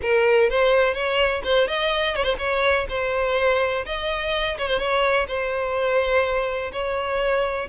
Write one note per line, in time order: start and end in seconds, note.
0.01 0.49 A#4
0.49 0.94 C5
0.94 1.42 C#5
1.44 1.67 C5
1.67 2.15 D#5
2.15 2.23 C#5
2.23 2.35 C5
2.38 2.86 C#5
2.89 3.85 C5
3.85 4.57 D#5
4.57 4.67 C#5
4.67 4.78 C5
4.78 5.26 C#5
5.27 6.71 C5
6.72 7.68 C#5